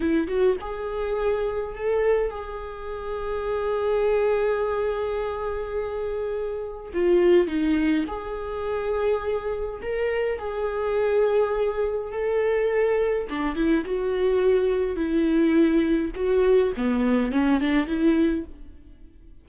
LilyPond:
\new Staff \with { instrumentName = "viola" } { \time 4/4 \tempo 4 = 104 e'8 fis'8 gis'2 a'4 | gis'1~ | gis'1 | f'4 dis'4 gis'2~ |
gis'4 ais'4 gis'2~ | gis'4 a'2 d'8 e'8 | fis'2 e'2 | fis'4 b4 cis'8 d'8 e'4 | }